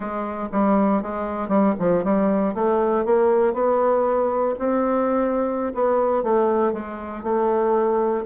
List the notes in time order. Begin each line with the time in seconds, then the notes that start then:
0.00 G#3
0.52 G3
1.02 G#3
1.48 G3
1.79 F3
2.04 G3
2.54 A3
3.05 A#3
3.53 B3
4.58 C4
5.74 B3
6.23 A3
6.72 G#3
7.23 A3